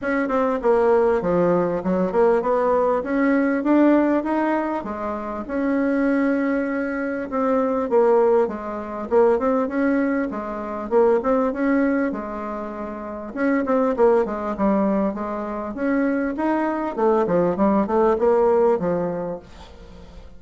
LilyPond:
\new Staff \with { instrumentName = "bassoon" } { \time 4/4 \tempo 4 = 99 cis'8 c'8 ais4 f4 fis8 ais8 | b4 cis'4 d'4 dis'4 | gis4 cis'2. | c'4 ais4 gis4 ais8 c'8 |
cis'4 gis4 ais8 c'8 cis'4 | gis2 cis'8 c'8 ais8 gis8 | g4 gis4 cis'4 dis'4 | a8 f8 g8 a8 ais4 f4 | }